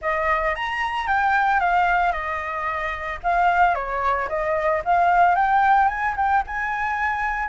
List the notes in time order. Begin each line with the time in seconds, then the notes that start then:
0.01 D#5
0.55 A#5
1.07 G5
1.60 F5
2.12 D#5
3.23 F5
3.75 C#5
4.29 D#5
4.85 F5
5.35 G5
5.88 G#5
6.16 G5
6.47 G#5